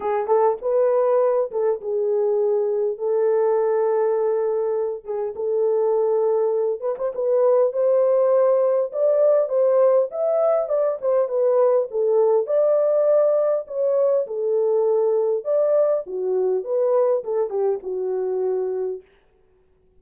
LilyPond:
\new Staff \with { instrumentName = "horn" } { \time 4/4 \tempo 4 = 101 gis'8 a'8 b'4. a'8 gis'4~ | gis'4 a'2.~ | a'8 gis'8 a'2~ a'8 b'16 c''16 | b'4 c''2 d''4 |
c''4 e''4 d''8 c''8 b'4 | a'4 d''2 cis''4 | a'2 d''4 fis'4 | b'4 a'8 g'8 fis'2 | }